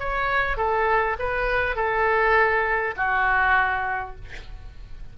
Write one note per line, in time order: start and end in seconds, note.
0.00 0.58 C#5
0.58 1.17 A4
1.19 1.76 B4
1.76 2.95 A4
2.97 4.16 F#4